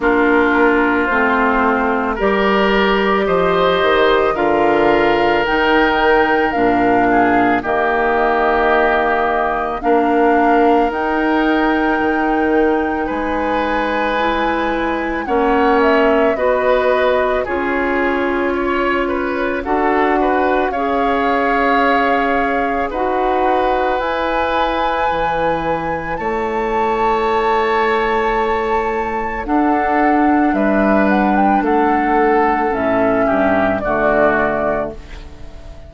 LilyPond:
<<
  \new Staff \with { instrumentName = "flute" } { \time 4/4 \tempo 4 = 55 ais'4 c''4 d''4 dis''4 | f''4 g''4 f''4 dis''4~ | dis''4 f''4 g''2 | gis''2 fis''8 e''8 dis''4 |
cis''2 fis''4 f''4~ | f''4 fis''4 gis''2 | a''2. fis''4 | e''8 fis''16 g''16 fis''4 e''4 d''4 | }
  \new Staff \with { instrumentName = "oboe" } { \time 4/4 f'2 ais'4 c''4 | ais'2~ ais'8 gis'8 g'4~ | g'4 ais'2. | b'2 cis''4 b'4 |
gis'4 cis''8 b'8 a'8 b'8 cis''4~ | cis''4 b'2. | cis''2. a'4 | b'4 a'4. g'8 fis'4 | }
  \new Staff \with { instrumentName = "clarinet" } { \time 4/4 d'4 c'4 g'2 | f'4 dis'4 d'4 ais4~ | ais4 d'4 dis'2~ | dis'4 e'4 cis'4 fis'4 |
f'2 fis'4 gis'4~ | gis'4 fis'4 e'2~ | e'2. d'4~ | d'2 cis'4 a4 | }
  \new Staff \with { instrumentName = "bassoon" } { \time 4/4 ais4 a4 g4 f8 dis8 | d4 dis4 ais,4 dis4~ | dis4 ais4 dis'4 dis4 | gis2 ais4 b4 |
cis'2 d'4 cis'4~ | cis'4 dis'4 e'4 e4 | a2. d'4 | g4 a4 a,8 g,8 d4 | }
>>